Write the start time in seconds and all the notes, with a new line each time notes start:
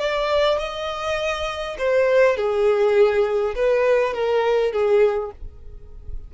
0.00 D5
0.59 D#5
1.79 C5
2.37 G#4
3.56 B4
4.14 A#4
4.73 G#4